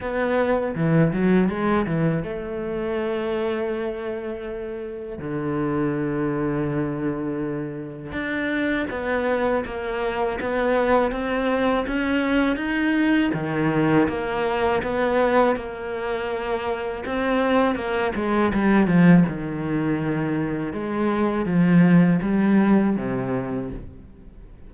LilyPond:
\new Staff \with { instrumentName = "cello" } { \time 4/4 \tempo 4 = 81 b4 e8 fis8 gis8 e8 a4~ | a2. d4~ | d2. d'4 | b4 ais4 b4 c'4 |
cis'4 dis'4 dis4 ais4 | b4 ais2 c'4 | ais8 gis8 g8 f8 dis2 | gis4 f4 g4 c4 | }